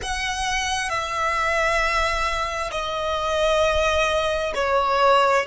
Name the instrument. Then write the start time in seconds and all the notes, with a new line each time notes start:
violin
0.02 F#5
0.88 E5
2.71 D#5
4.55 C#5